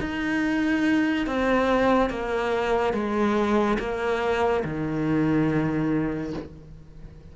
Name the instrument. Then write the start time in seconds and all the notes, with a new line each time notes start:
cello
0.00 D#4
1.26 C4
2.10 A#3
2.93 G#3
3.79 A#3
4.64 D#3